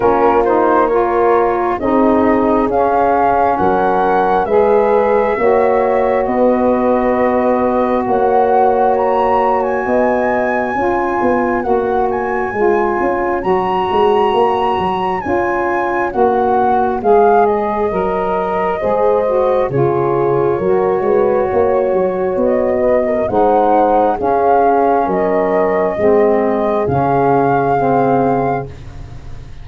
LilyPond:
<<
  \new Staff \with { instrumentName = "flute" } { \time 4/4 \tempo 4 = 67 ais'8 c''8 cis''4 dis''4 f''4 | fis''4 e''2 dis''4~ | dis''4 fis''4 ais''8. gis''4~ gis''16~ | gis''4 fis''8 gis''4. ais''4~ |
ais''4 gis''4 fis''4 f''8 dis''8~ | dis''2 cis''2~ | cis''4 dis''4 fis''4 f''4 | dis''2 f''2 | }
  \new Staff \with { instrumentName = "horn" } { \time 4/4 f'4 ais'4 gis'2 | ais'4 b'4 cis''4 b'4~ | b'4 cis''2 dis''4 | cis''1~ |
cis''1~ | cis''4 c''4 gis'4 ais'8 b'8 | cis''4. b'16 ais'16 c''4 gis'4 | ais'4 gis'2. | }
  \new Staff \with { instrumentName = "saxophone" } { \time 4/4 cis'8 dis'8 f'4 dis'4 cis'4~ | cis'4 gis'4 fis'2~ | fis'1 | f'4 fis'4 f'4 fis'4~ |
fis'4 f'4 fis'4 gis'4 | ais'4 gis'8 fis'8 f'4 fis'4~ | fis'2 dis'4 cis'4~ | cis'4 c'4 cis'4 c'4 | }
  \new Staff \with { instrumentName = "tuba" } { \time 4/4 ais2 c'4 cis'4 | fis4 gis4 ais4 b4~ | b4 ais2 b4 | cis'8 b8 ais4 gis8 cis'8 fis8 gis8 |
ais8 fis8 cis'4 ais4 gis4 | fis4 gis4 cis4 fis8 gis8 | ais8 fis8 b4 gis4 cis'4 | fis4 gis4 cis2 | }
>>